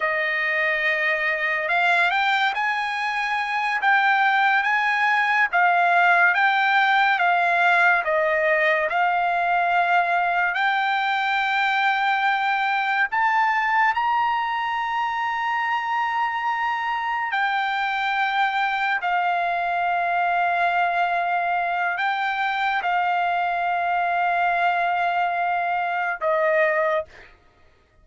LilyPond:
\new Staff \with { instrumentName = "trumpet" } { \time 4/4 \tempo 4 = 71 dis''2 f''8 g''8 gis''4~ | gis''8 g''4 gis''4 f''4 g''8~ | g''8 f''4 dis''4 f''4.~ | f''8 g''2. a''8~ |
a''8 ais''2.~ ais''8~ | ais''8 g''2 f''4.~ | f''2 g''4 f''4~ | f''2. dis''4 | }